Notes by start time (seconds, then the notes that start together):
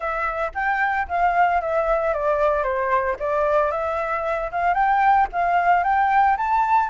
0.00 E5
0.54 G5
1.08 F5
1.61 E5
2.13 D5
2.63 C5
3.19 D5
3.71 E5
4.51 F5
4.74 G5
5.32 F5
5.83 G5
6.37 A5